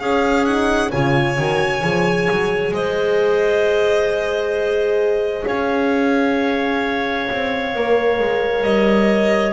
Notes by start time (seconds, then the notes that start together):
0.00 C#4 G#4 F5
0.45 D#4 F#5
0.92 C#3 F4 C#5 G#5
1.38 D#3 F#4
1.82 F3 G#4
2.31 F#3
2.72 G#3 C5 D#5
5.46 C#4 C#5 F5
7.31 C4
7.75 A#3 A#4
8.20 G#3
8.64 G3 D#5